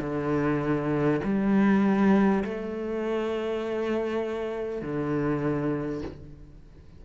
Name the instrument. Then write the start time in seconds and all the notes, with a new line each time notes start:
cello
0.00 D3
1.23 G3
2.44 A3
4.82 D3